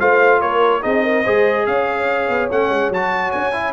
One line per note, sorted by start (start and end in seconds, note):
0.00 0.42 A3
0.00 0.82 F4
0.00 0.42 C5
0.00 0.41 F5
0.41 0.83 A#3
0.41 0.83 A#4
0.41 0.83 C#5
0.82 1.26 C4
0.82 1.24 D#4
0.82 1.03 G#4
0.82 1.66 D#5
1.03 1.24 A#4
1.24 1.67 G#3
1.24 2.51 G#4
1.24 1.65 C5
1.66 2.29 C#4
1.66 3.74 C#5
1.66 2.50 F5
2.29 2.50 B3
2.51 2.70 A3
2.51 2.93 C#4
2.51 2.93 F#5
2.70 2.90 G#3
2.90 3.31 F#3
2.90 3.53 F#4
2.90 3.32 A5
3.32 3.74 C#4
3.32 3.73 G#5
3.53 3.74 E4